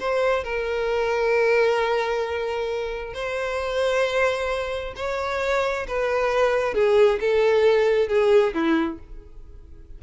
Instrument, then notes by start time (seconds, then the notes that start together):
violin
0.00 C5
0.44 A#4
3.14 C5
4.96 C#5
5.87 B4
6.74 G#4
7.20 A4
8.08 G#4
8.54 E4